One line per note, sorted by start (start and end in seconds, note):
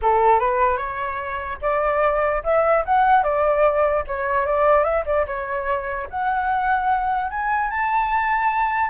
0.01 0.39 A4
0.39 0.77 B4
0.77 1.58 C#5
1.61 2.42 D5
2.43 2.84 E5
2.85 3.23 F#5
3.23 4.04 D5
4.07 4.46 C#5
4.46 4.84 D5
4.84 5.04 E5
5.05 5.25 D5
5.26 6.07 C#5
6.10 7.30 F#5
7.30 7.70 G#5
7.70 8.90 A5